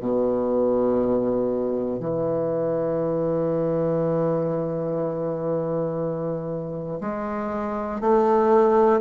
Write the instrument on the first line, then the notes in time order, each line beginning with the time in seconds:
bassoon
0.00 B2
2.00 E3
7.01 G#3
8.01 A3